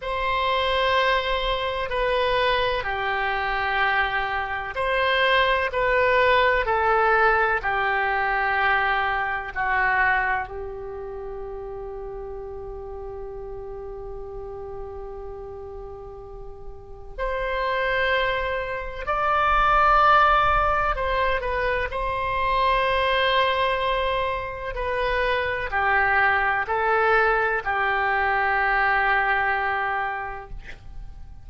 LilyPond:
\new Staff \with { instrumentName = "oboe" } { \time 4/4 \tempo 4 = 63 c''2 b'4 g'4~ | g'4 c''4 b'4 a'4 | g'2 fis'4 g'4~ | g'1~ |
g'2 c''2 | d''2 c''8 b'8 c''4~ | c''2 b'4 g'4 | a'4 g'2. | }